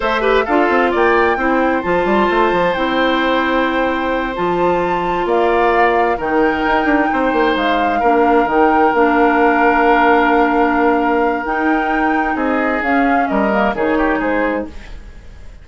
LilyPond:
<<
  \new Staff \with { instrumentName = "flute" } { \time 4/4 \tempo 4 = 131 e''4 f''4 g''2 | a''2 g''2~ | g''4. a''2 f''8~ | f''4. g''2~ g''8~ |
g''8 f''2 g''4 f''8~ | f''1~ | f''4 g''2 dis''4 | f''4 dis''4 cis''4 c''4 | }
  \new Staff \with { instrumentName = "oboe" } { \time 4/4 c''8 b'8 a'4 d''4 c''4~ | c''1~ | c''2.~ c''8 d''8~ | d''4. ais'2 c''8~ |
c''4. ais'2~ ais'8~ | ais'1~ | ais'2. gis'4~ | gis'4 ais'4 gis'8 g'8 gis'4 | }
  \new Staff \with { instrumentName = "clarinet" } { \time 4/4 a'8 g'8 f'2 e'4 | f'2 e'2~ | e'4. f'2~ f'8~ | f'4. dis'2~ dis'8~ |
dis'4. d'4 dis'4 d'8~ | d'1~ | d'4 dis'2. | cis'4. ais8 dis'2 | }
  \new Staff \with { instrumentName = "bassoon" } { \time 4/4 a4 d'8 c'8 ais4 c'4 | f8 g8 a8 f8 c'2~ | c'4. f2 ais8~ | ais4. dis4 dis'8 d'8 c'8 |
ais8 gis4 ais4 dis4 ais8~ | ais1~ | ais4 dis'2 c'4 | cis'4 g4 dis4 gis4 | }
>>